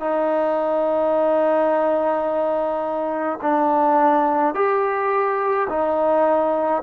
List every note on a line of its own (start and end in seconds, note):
0.00 3.40 D#4
3.42 4.55 D4
4.55 5.68 G4
5.70 6.83 D#4